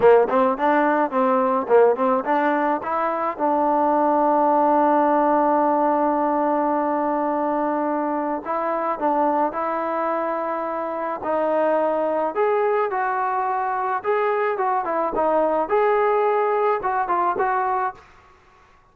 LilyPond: \new Staff \with { instrumentName = "trombone" } { \time 4/4 \tempo 4 = 107 ais8 c'8 d'4 c'4 ais8 c'8 | d'4 e'4 d'2~ | d'1~ | d'2. e'4 |
d'4 e'2. | dis'2 gis'4 fis'4~ | fis'4 gis'4 fis'8 e'8 dis'4 | gis'2 fis'8 f'8 fis'4 | }